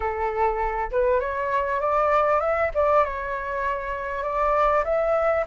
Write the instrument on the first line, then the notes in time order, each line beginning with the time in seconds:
flute
0.00 A4
0.91 B4
1.20 C#5
1.80 D5
2.40 E5
2.74 D5
3.04 C#5
4.23 D5
4.84 E5